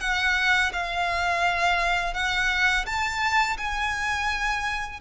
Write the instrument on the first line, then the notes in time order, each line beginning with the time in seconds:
violin
0.00 F#5
0.72 F5
2.14 F#5
2.85 A5
3.57 G#5